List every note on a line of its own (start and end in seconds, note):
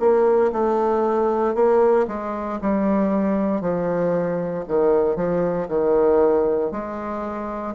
0.00 0.52 A#3
0.52 1.55 A3
1.55 2.06 A#3
2.07 2.59 G#3
2.61 3.61 G3
3.61 4.65 F3
4.68 5.16 D#3
5.16 5.68 F3
5.68 6.71 D#3
6.71 7.75 G#3